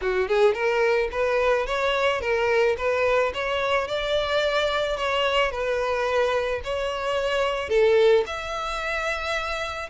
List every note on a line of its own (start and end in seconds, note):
0.01 0.28 F#4
0.28 0.54 G#4
0.54 1.09 A#4
1.11 1.66 B4
1.66 2.20 C#5
2.20 2.75 A#4
2.77 3.32 B4
3.34 3.87 C#5
3.87 4.96 D5
4.96 5.51 C#5
5.51 6.61 B4
6.64 7.69 C#5
7.69 8.24 A4
8.26 9.89 E5